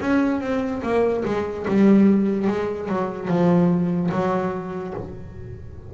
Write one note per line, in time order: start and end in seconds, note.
0.00 0.40 C#4
0.40 0.81 C4
0.82 1.23 A#3
1.24 1.66 G#3
1.67 2.47 G3
2.47 2.88 G#3
2.88 3.27 F#3
3.27 4.09 F3
4.11 4.93 F#3